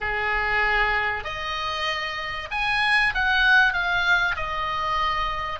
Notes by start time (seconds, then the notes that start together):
0.01 G#4
1.24 D#5
2.51 G#5
3.14 F#5
3.73 F5
4.36 D#5